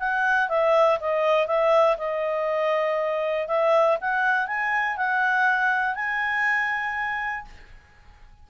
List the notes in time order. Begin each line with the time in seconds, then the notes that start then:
0.00 F#5
0.49 E5
1.00 D#5
1.47 E5
1.98 D#5
3.48 E5
4.01 F#5
4.48 G#5
4.97 F#5
5.96 G#5